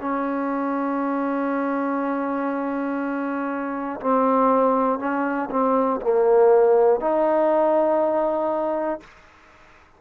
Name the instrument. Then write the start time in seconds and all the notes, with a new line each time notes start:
trombone
0.00 C#4
4.00 C4
4.99 C#4
5.50 C4
6.01 A#3
7.00 D#4